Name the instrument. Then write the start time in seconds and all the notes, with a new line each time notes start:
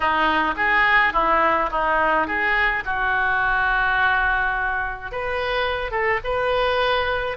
oboe
0.00 D#4
0.56 G#4
1.13 E4
1.70 D#4
2.27 G#4
2.85 F#4
5.11 B4
5.91 A4
6.24 B4